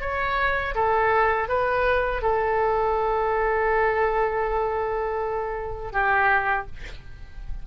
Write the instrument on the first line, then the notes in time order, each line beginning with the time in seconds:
oboe
0.00 C#5
0.74 A4
1.48 B4
2.22 A4
5.92 G4